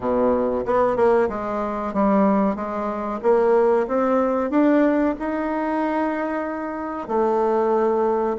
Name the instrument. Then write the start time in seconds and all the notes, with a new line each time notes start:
bassoon
0.00 B2
0.65 B3
0.96 A#3
1.28 G#3
1.93 G3
2.55 G#3
3.22 A#3
3.87 C4
4.50 D4
5.19 D#4
7.08 A3